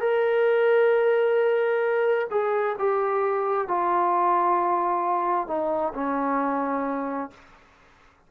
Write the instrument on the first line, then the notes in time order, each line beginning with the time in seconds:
trombone
0.00 A#4
2.30 G#4
2.79 G4
3.67 F4
5.47 D#4
5.94 C#4